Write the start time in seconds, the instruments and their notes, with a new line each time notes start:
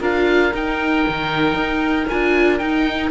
0.00 cello D4, viola F4, oboe A#4 F5
0.53 cello D#4, viola D#4, oboe G5
1.09 cello D#3
1.54 cello D#4
2.08 cello D4, viola F4, oboe G#5
2.59 viola D#4, cello D#4, oboe G5